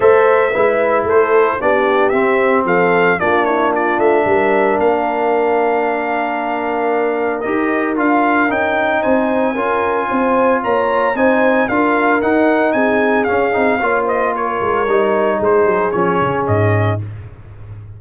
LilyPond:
<<
  \new Staff \with { instrumentName = "trumpet" } { \time 4/4 \tempo 4 = 113 e''2 c''4 d''4 | e''4 f''4 d''8 cis''8 d''8 e''8~ | e''4 f''2.~ | f''2 dis''4 f''4 |
g''4 gis''2. | ais''4 gis''4 f''4 fis''4 | gis''4 f''4. dis''8 cis''4~ | cis''4 c''4 cis''4 dis''4 | }
  \new Staff \with { instrumentName = "horn" } { \time 4/4 c''4 b'4 a'4 g'4~ | g'4 a'4 f'8 e'8 f'4 | ais'1~ | ais'1~ |
ais'4 c''4 ais'4 c''4 | cis''4 c''4 ais'2 | gis'2 cis''8 c''8 ais'4~ | ais'4 gis'2. | }
  \new Staff \with { instrumentName = "trombone" } { \time 4/4 a'4 e'2 d'4 | c'2 d'2~ | d'1~ | d'2 g'4 f'4 |
dis'2 f'2~ | f'4 dis'4 f'4 dis'4~ | dis'4 cis'8 dis'8 f'2 | dis'2 cis'2 | }
  \new Staff \with { instrumentName = "tuba" } { \time 4/4 a4 gis4 a4 b4 | c'4 f4 ais4. a8 | g4 ais2.~ | ais2 dis'4 d'4 |
cis'4 c'4 cis'4 c'4 | ais4 c'4 d'4 dis'4 | c'4 cis'8 c'8 ais4. gis8 | g4 gis8 fis8 f8 cis8 gis,4 | }
>>